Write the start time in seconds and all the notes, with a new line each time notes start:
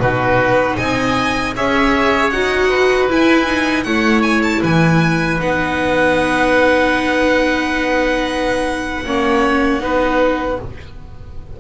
0.00 B2 D#4 F#4 B4
0.77 C4 D#5 G#5
1.56 C#4 G#4 C#5 E5
2.30 D#4 F#4 F#5
2.69 B4
3.10 E4 G#5
3.46 D#4
3.84 A3 E4 C#5 F#5
4.23 G#5
4.43 A5
4.62 E3 B4 G#5
5.39 B3 D#4 F#5
9.05 A#3 C#4 C#5
9.80 B3 D#4 B4